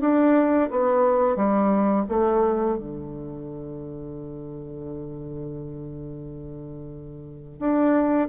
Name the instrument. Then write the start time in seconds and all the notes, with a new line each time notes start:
bassoon
0.00 D4
0.70 B3
1.36 G3
2.08 A3
2.77 D3
7.59 D4